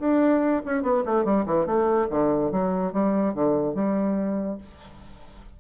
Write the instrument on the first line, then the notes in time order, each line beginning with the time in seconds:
bassoon
0.00 D4
0.66 C#4
0.83 B3
1.06 A3
1.25 G3
1.46 E3
1.66 A3
2.10 D3
2.52 F#3
2.93 G3
3.34 D3
3.75 G3